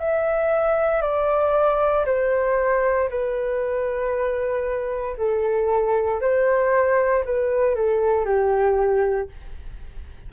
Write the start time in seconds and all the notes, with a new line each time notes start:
0.00 E5
1.02 D5
2.06 C5
3.10 B4
5.17 A4
6.21 C5
7.25 B4
7.75 A4
8.26 G4